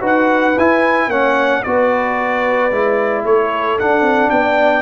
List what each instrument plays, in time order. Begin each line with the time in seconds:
0.00 tuba D#4, trombone F#4, horn B4
0.06 trumpet F#5
0.57 tuba E4, trombone E4, trumpet G#5
1.07 tuba A#3, trombone C#4, horn C#5, trumpet F#5
1.63 tuba B3, trombone F#4, horn B4, trumpet D5
2.71 tuba G#3, trombone E4
3.24 tuba A3, horn A4, trumpet C#5
3.79 trombone D4, tuba D4, trumpet F#5
4.01 tuba C4
4.30 tuba B3, horn D5, trumpet G5